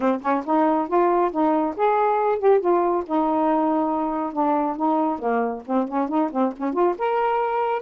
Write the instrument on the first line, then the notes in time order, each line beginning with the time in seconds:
saxophone
0.00 C4
0.21 C#4
0.45 D#4
0.88 F4
1.31 D#4
1.76 G#4
2.38 G4
2.60 F4
3.06 D#4
4.32 D4
4.76 D#4
5.18 A#3
5.66 C4
5.88 C#4
6.08 D#4
6.31 C4
6.57 C#4
6.73 F4
6.98 A#4